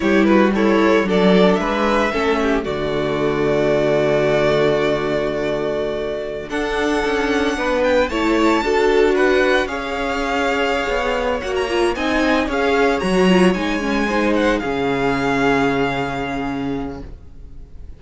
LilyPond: <<
  \new Staff \with { instrumentName = "violin" } { \time 4/4 \tempo 4 = 113 cis''8 b'8 cis''4 d''4 e''4~ | e''4 d''2.~ | d''1~ | d''16 fis''2~ fis''8 g''8 a''8.~ |
a''4~ a''16 fis''4 f''4.~ f''16~ | f''4. fis''16 ais''8. gis''4 f''8~ | f''8 ais''4 gis''4. fis''8 f''8~ | f''1 | }
  \new Staff \with { instrumentName = "violin" } { \time 4/4 g'8 fis'8 e'4 a'4 b'4 | a'8 g'8 fis'2.~ | fis'1~ | fis'16 a'2 b'4 cis''8.~ |
cis''16 a'4 b'4 cis''4.~ cis''16~ | cis''2~ cis''8 dis''4 cis''8~ | cis''2~ cis''8 c''4 gis'8~ | gis'1 | }
  \new Staff \with { instrumentName = "viola" } { \time 4/4 e'4 a'4 d'2 | cis'4 a2.~ | a1~ | a16 d'2. e'8.~ |
e'16 fis'2 gis'4.~ gis'16~ | gis'4. fis'8 f'8 dis'4 gis'8~ | gis'8 fis'8 f'8 dis'8 cis'8 dis'4 cis'8~ | cis'1 | }
  \new Staff \with { instrumentName = "cello" } { \time 4/4 g2 fis4 gis4 | a4 d2.~ | d1~ | d16 d'4 cis'4 b4 a8.~ |
a16 d'2 cis'4.~ cis'16~ | cis'8 b4 ais4 c'4 cis'8~ | cis'8 fis4 gis2 cis8~ | cis1 | }
>>